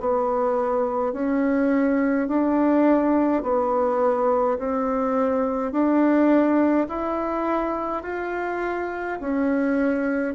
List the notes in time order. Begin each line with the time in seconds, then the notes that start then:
0.00 B3
1.13 C#4
2.28 D4
3.43 B3
4.58 C4
5.72 D4
6.89 E4
8.03 F4
9.20 C#4